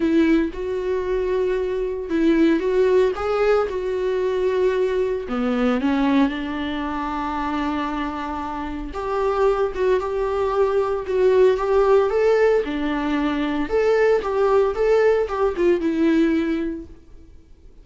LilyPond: \new Staff \with { instrumentName = "viola" } { \time 4/4 \tempo 4 = 114 e'4 fis'2. | e'4 fis'4 gis'4 fis'4~ | fis'2 b4 cis'4 | d'1~ |
d'4 g'4. fis'8 g'4~ | g'4 fis'4 g'4 a'4 | d'2 a'4 g'4 | a'4 g'8 f'8 e'2 | }